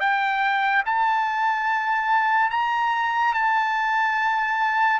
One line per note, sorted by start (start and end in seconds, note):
0.00 0.83 G5
0.86 2.50 A5
2.50 3.34 A#5
3.34 5.00 A5